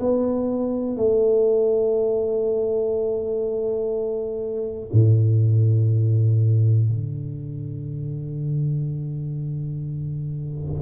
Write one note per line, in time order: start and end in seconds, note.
0.00 0.97 B3
0.97 4.90 A3
4.93 6.89 A2
6.89 10.82 D3